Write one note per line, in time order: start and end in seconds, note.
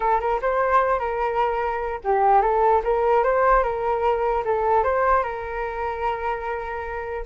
0.00 0.20 A4
0.20 0.40 A#4
0.41 0.99 C5
0.99 1.99 A#4
2.04 2.41 G4
2.41 2.82 A4
2.84 3.23 A#4
3.23 3.63 C5
3.63 4.43 A#4
4.44 4.83 A4
4.83 5.23 C5
5.23 7.24 A#4